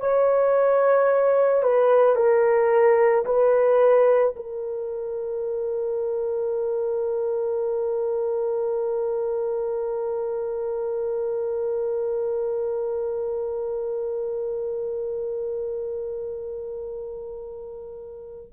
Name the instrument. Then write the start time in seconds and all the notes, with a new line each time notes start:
horn
0.00 C#5
1.63 B4
2.16 A#4
3.26 B4
4.36 A#4